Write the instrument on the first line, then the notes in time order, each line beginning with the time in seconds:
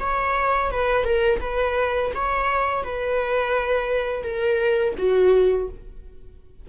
viola
0.00 C#5
0.71 B4
1.05 A#4
1.41 B4
2.15 C#5
2.84 B4
4.24 A#4
4.98 F#4